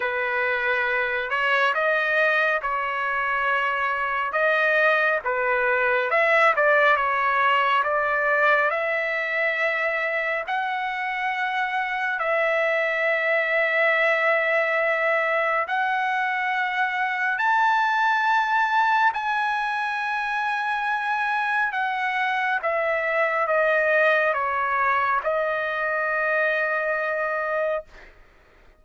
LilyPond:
\new Staff \with { instrumentName = "trumpet" } { \time 4/4 \tempo 4 = 69 b'4. cis''8 dis''4 cis''4~ | cis''4 dis''4 b'4 e''8 d''8 | cis''4 d''4 e''2 | fis''2 e''2~ |
e''2 fis''2 | a''2 gis''2~ | gis''4 fis''4 e''4 dis''4 | cis''4 dis''2. | }